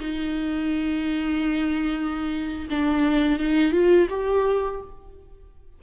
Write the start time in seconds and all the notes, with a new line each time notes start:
0.00 D#4
2.70 D4
3.40 D#4
3.72 F4
4.10 G4